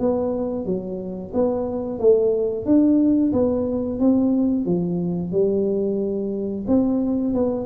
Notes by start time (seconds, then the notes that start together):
0.00 B3
0.66 F#3
1.34 B3
1.99 A3
2.66 D4
3.33 B3
4.00 C4
4.66 F3
5.32 G3
6.68 C4
7.35 B3